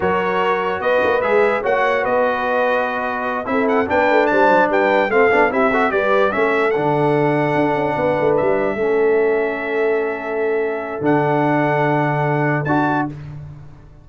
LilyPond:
<<
  \new Staff \with { instrumentName = "trumpet" } { \time 4/4 \tempo 4 = 147 cis''2 dis''4 e''4 | fis''4 dis''2.~ | dis''8 e''8 fis''8 g''4 a''4 g''8~ | g''8 f''4 e''4 d''4 e''8~ |
e''8 fis''2.~ fis''8~ | fis''8 e''2.~ e''8~ | e''2. fis''4~ | fis''2. a''4 | }
  \new Staff \with { instrumentName = "horn" } { \time 4/4 ais'2 b'2 | cis''4 b'2.~ | b'8 a'4 b'4 c''4 b'8~ | b'8 a'4 g'8 a'8 b'4 a'8~ |
a'2.~ a'8 b'8~ | b'4. a'2~ a'8~ | a'1~ | a'1 | }
  \new Staff \with { instrumentName = "trombone" } { \time 4/4 fis'2. gis'4 | fis'1~ | fis'8 e'4 d'2~ d'8~ | d'8 c'8 d'8 e'8 fis'8 g'4 cis'8~ |
cis'8 d'2.~ d'8~ | d'4. cis'2~ cis'8~ | cis'2. d'4~ | d'2. fis'4 | }
  \new Staff \with { instrumentName = "tuba" } { \time 4/4 fis2 b8 ais8 gis4 | ais4 b2.~ | b8 c'4 b8 a8 g8 fis8 g8~ | g8 a8 b8 c'4 g4 a8~ |
a8 d2 d'8 cis'8 b8 | a8 g4 a2~ a8~ | a2. d4~ | d2. d'4 | }
>>